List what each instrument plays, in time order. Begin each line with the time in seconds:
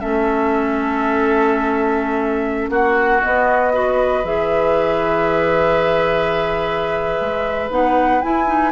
0.00 bassoon A3, clarinet C#4, oboe A4, flute E5
2.70 bassoon A#3, oboe F#4, flute F#5
3.23 clarinet B3, bassoon B3, flute D#5
3.74 clarinet F#4, oboe B4
4.24 bassoon E3, clarinet G#4, flute E5
7.21 bassoon G#3
7.70 bassoon B3, clarinet D#4, flute F#5
8.22 clarinet E4, bassoon E4, flute G#5
8.47 clarinet D#4